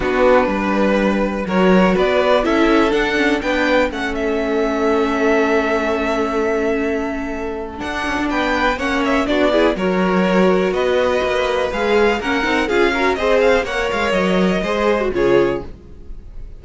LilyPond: <<
  \new Staff \with { instrumentName = "violin" } { \time 4/4 \tempo 4 = 123 b'2. cis''4 | d''4 e''4 fis''4 g''4 | fis''8 e''2.~ e''8~ | e''1 |
fis''4 g''4 fis''8 e''8 d''4 | cis''2 dis''2 | f''4 fis''4 f''4 dis''8 f''8 | fis''8 f''8 dis''2 cis''4 | }
  \new Staff \with { instrumentName = "violin" } { \time 4/4 fis'4 b'2 ais'4 | b'4 a'2 b'4 | a'1~ | a'1~ |
a'4 b'4 cis''4 fis'8 gis'8 | ais'2 b'2~ | b'4 ais'4 gis'8 ais'8 c''4 | cis''2 c''4 gis'4 | }
  \new Staff \with { instrumentName = "viola" } { \time 4/4 d'2. fis'4~ | fis'4 e'4 d'8 cis'8 d'4 | cis'1~ | cis'1 |
d'2 cis'4 d'8 e'8 | fis'1 | gis'4 cis'8 dis'8 f'8 fis'8 gis'4 | ais'2 gis'8. fis'16 f'4 | }
  \new Staff \with { instrumentName = "cello" } { \time 4/4 b4 g2 fis4 | b4 cis'4 d'4 b4 | a1~ | a1 |
d'8 cis'16 d'16 b4 ais4 b4 | fis2 b4 ais4 | gis4 ais8 c'8 cis'4 c'4 | ais8 gis8 fis4 gis4 cis4 | }
>>